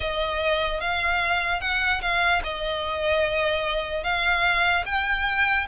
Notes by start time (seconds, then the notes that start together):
0.00 D#5
0.80 F5
1.60 F#5
2.01 F5
2.43 D#5
4.03 F5
4.85 G5